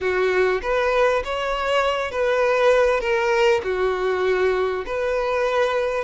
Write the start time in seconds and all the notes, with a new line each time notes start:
0.00 F#4
0.62 B4
1.24 C#5
2.11 B4
3.00 A#4
3.63 F#4
4.86 B4